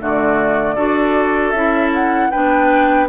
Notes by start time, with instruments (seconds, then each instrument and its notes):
0.00 bassoon D3, clarinet A3, oboe F#4, flute D5
0.75 bassoon D4, clarinet F#4, oboe A4
1.50 bassoon C#4, clarinet E4, flute E5
1.94 flute F#5
2.30 bassoon B3, clarinet D4, oboe B4, flute G5